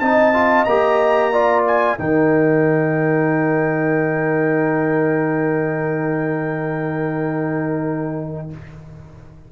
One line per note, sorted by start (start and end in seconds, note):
0.00 0.66 C4
0.00 0.34 D#4
0.00 1.33 D#5
0.00 0.65 A5
0.34 0.66 F4
0.65 1.97 A#3
0.65 1.33 G4
0.65 1.63 A#5
1.33 1.99 F4
1.33 1.98 D5
1.67 1.99 G#5
1.99 8.51 D#3
1.99 8.51 D#4
1.99 8.52 A#4
1.99 8.51 G5